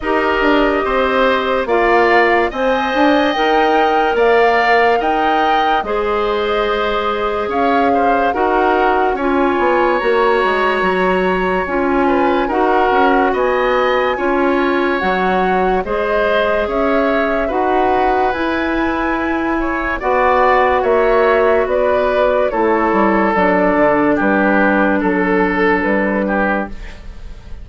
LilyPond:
<<
  \new Staff \with { instrumentName = "flute" } { \time 4/4 \tempo 4 = 72 dis''2 f''4 gis''4 | g''4 f''4 g''4 dis''4~ | dis''4 f''4 fis''4 gis''4 | ais''2 gis''4 fis''4 |
gis''2 fis''4 dis''4 | e''4 fis''4 gis''2 | fis''4 e''4 d''4 cis''4 | d''4 b'4 a'4 b'4 | }
  \new Staff \with { instrumentName = "oboe" } { \time 4/4 ais'4 c''4 d''4 dis''4~ | dis''4 d''4 dis''4 c''4~ | c''4 cis''8 c''8 ais'4 cis''4~ | cis''2~ cis''8 b'8 ais'4 |
dis''4 cis''2 c''4 | cis''4 b'2~ b'8 cis''8 | d''4 cis''4 b'4 a'4~ | a'4 g'4 a'4. g'8 | }
  \new Staff \with { instrumentName = "clarinet" } { \time 4/4 g'2 f'4 c''4 | ais'2. gis'4~ | gis'2 fis'4 f'4 | fis'2 f'4 fis'4~ |
fis'4 f'4 fis'4 gis'4~ | gis'4 fis'4 e'2 | fis'2. e'4 | d'1 | }
  \new Staff \with { instrumentName = "bassoon" } { \time 4/4 dis'8 d'8 c'4 ais4 c'8 d'8 | dis'4 ais4 dis'4 gis4~ | gis4 cis'4 dis'4 cis'8 b8 | ais8 gis8 fis4 cis'4 dis'8 cis'8 |
b4 cis'4 fis4 gis4 | cis'4 dis'4 e'2 | b4 ais4 b4 a8 g8 | fis8 d8 g4 fis4 g4 | }
>>